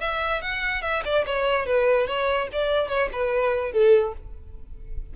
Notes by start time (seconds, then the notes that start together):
0.00 E5
0.41 F#5
0.82 E5
1.04 D5
1.26 C#5
1.66 B4
2.07 C#5
2.52 D5
2.88 C#5
3.12 B4
3.72 A4